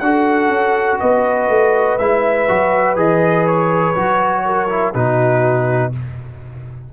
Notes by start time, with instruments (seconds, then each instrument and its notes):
0.00 tuba D4, trombone F#4, horn A4, trumpet F#5
0.49 tuba C#4
1.00 tuba B3, horn B4, trumpet D#5
1.49 tuba A3
1.98 tuba G#3, trombone E4, trumpet E5
2.48 tuba F#3, trombone F#4
2.96 tuba E3, trombone G#4, trumpet D#5
3.47 trumpet C#5
3.95 tuba F#3, trombone F#4
4.45 horn A#4
4.69 trombone E4
4.94 tuba B2, trombone D#4, horn F#4, trumpet B4